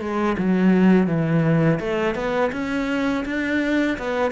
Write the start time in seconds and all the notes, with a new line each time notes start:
0.00 G#3
0.37 F#3
1.07 E3
1.79 A3
2.15 B3
2.52 C#4
3.25 D4
3.98 B3